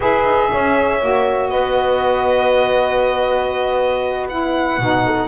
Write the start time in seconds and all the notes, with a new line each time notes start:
0.00 E4 G#4 B4 E5
0.24 D#4
0.51 C#4 C#5
1.01 A#3 F#4
1.49 B3 B4 D#5
4.29 E4 F#5
4.78 B2 D#4
5.05 A4